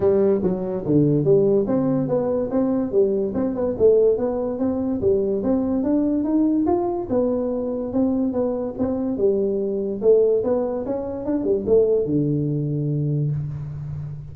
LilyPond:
\new Staff \with { instrumentName = "tuba" } { \time 4/4 \tempo 4 = 144 g4 fis4 d4 g4 | c'4 b4 c'4 g4 | c'8 b8 a4 b4 c'4 | g4 c'4 d'4 dis'4 |
f'4 b2 c'4 | b4 c'4 g2 | a4 b4 cis'4 d'8 g8 | a4 d2. | }